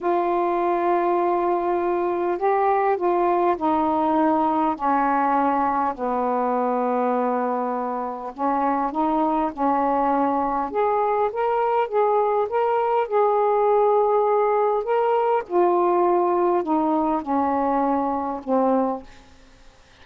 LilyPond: \new Staff \with { instrumentName = "saxophone" } { \time 4/4 \tempo 4 = 101 f'1 | g'4 f'4 dis'2 | cis'2 b2~ | b2 cis'4 dis'4 |
cis'2 gis'4 ais'4 | gis'4 ais'4 gis'2~ | gis'4 ais'4 f'2 | dis'4 cis'2 c'4 | }